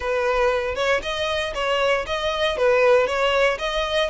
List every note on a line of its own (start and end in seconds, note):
0.00 0.75 B4
0.75 1.00 C#5
1.02 1.53 D#5
1.54 2.05 C#5
2.06 2.57 D#5
2.57 3.06 B4
3.06 3.58 C#5
3.58 4.09 D#5